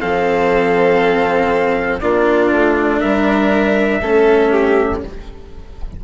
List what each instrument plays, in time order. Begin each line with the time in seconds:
0.00 bassoon F3, cello C4, violin A4, trumpet F5
2.00 bassoon A#3, cello D4, violin F4, trumpet D5
2.51 bassoon A3
2.99 bassoon G3, violin A#4, trumpet E5
4.01 bassoon A3, cello C#4, violin A4
4.51 violin G4